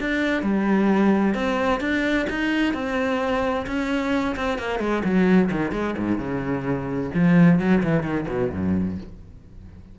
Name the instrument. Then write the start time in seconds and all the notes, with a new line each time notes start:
cello
0.00 D4
0.42 G3
1.34 C4
1.80 D4
2.29 D#4
2.74 C4
3.67 C#4
4.36 C4
4.58 A#3
4.79 G#3
5.04 F#3
5.51 D#3
5.72 G#3
5.98 G#2
6.18 C#3
7.15 F3
7.60 F#3
7.83 E3
8.03 D#3
8.28 B2
8.52 F#2